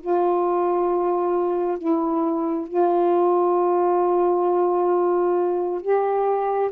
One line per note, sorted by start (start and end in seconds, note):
0.00 1.78 F4
1.78 2.67 E4
2.67 5.81 F4
5.81 6.70 G4